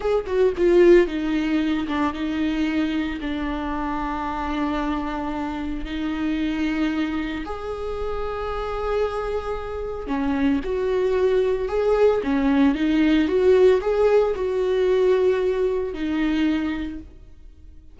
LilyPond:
\new Staff \with { instrumentName = "viola" } { \time 4/4 \tempo 4 = 113 gis'8 fis'8 f'4 dis'4. d'8 | dis'2 d'2~ | d'2. dis'4~ | dis'2 gis'2~ |
gis'2. cis'4 | fis'2 gis'4 cis'4 | dis'4 fis'4 gis'4 fis'4~ | fis'2 dis'2 | }